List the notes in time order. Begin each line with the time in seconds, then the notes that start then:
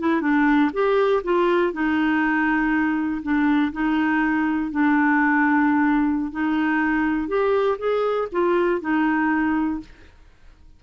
0.00 E4
0.21 D4
0.73 G4
1.24 F4
1.73 D#4
3.23 D4
3.73 D#4
4.71 D4
6.32 D#4
7.28 G4
7.79 G#4
8.32 F4
8.81 D#4